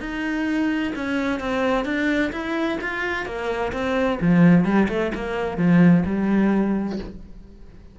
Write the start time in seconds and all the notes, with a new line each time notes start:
0.00 D#4
0.95 C#4
1.40 C4
1.85 D4
2.32 E4
2.81 F4
3.26 A#3
3.72 C4
4.21 F3
4.64 G3
4.88 A3
5.15 A#3
5.57 F3
6.06 G3